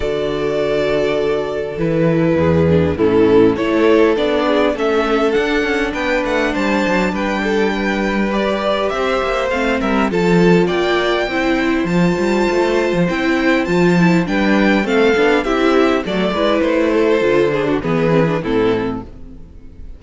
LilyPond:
<<
  \new Staff \with { instrumentName = "violin" } { \time 4/4 \tempo 4 = 101 d''2. b'4~ | b'4 a'4 cis''4 d''4 | e''4 fis''4 g''8 fis''8 a''4 | g''2 d''4 e''4 |
f''8 e''8 a''4 g''2 | a''2 g''4 a''4 | g''4 f''4 e''4 d''4 | c''2 b'4 a'4 | }
  \new Staff \with { instrumentName = "violin" } { \time 4/4 a'1 | gis'4 e'4 a'4. gis'8 | a'2 b'4 c''4 | b'8 a'8 b'2 c''4~ |
c''8 ais'8 a'4 d''4 c''4~ | c''1 | b'4 a'4 g'4 a'8 b'8~ | b'8 a'4 gis'16 fis'16 gis'4 e'4 | }
  \new Staff \with { instrumentName = "viola" } { \time 4/4 fis'2. e'4~ | e'8 d'8 cis'4 e'4 d'4 | cis'4 d'2.~ | d'2 g'2 |
c'4 f'2 e'4 | f'2 e'4 f'8 e'8 | d'4 c'8 d'8 e'4 a8 e'8~ | e'4 f'8 d'8 b8 c'16 d'16 c'4 | }
  \new Staff \with { instrumentName = "cello" } { \time 4/4 d2. e4 | e,4 a,4 a4 b4 | a4 d'8 cis'8 b8 a8 g8 fis8 | g2. c'8 ais8 |
a8 g8 f4 ais4 c'4 | f8 g8 a8. f16 c'4 f4 | g4 a8 b8 c'4 fis8 gis8 | a4 d4 e4 a,4 | }
>>